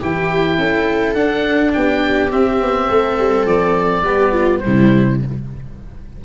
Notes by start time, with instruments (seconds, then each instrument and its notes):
0.00 tuba E3, cello E4, viola G4, oboe G5
0.58 tuba C#4, viola A4
1.14 cello D4, tuba D4, oboe F#5
1.73 tuba B3, viola G4, oboe G5
2.31 cello C4, tuba C4, oboe E5
2.61 tuba B3
2.88 tuba A3, viola A4
3.18 tuba G3
3.45 tuba F3, oboe D5
4.03 tuba G3, cello B3, viola G4
4.32 viola F4
4.59 cello G3, oboe C5
4.65 tuba C3, viola E4